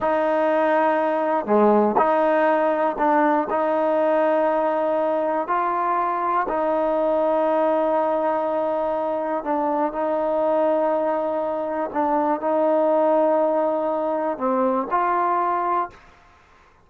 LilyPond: \new Staff \with { instrumentName = "trombone" } { \time 4/4 \tempo 4 = 121 dis'2. gis4 | dis'2 d'4 dis'4~ | dis'2. f'4~ | f'4 dis'2.~ |
dis'2. d'4 | dis'1 | d'4 dis'2.~ | dis'4 c'4 f'2 | }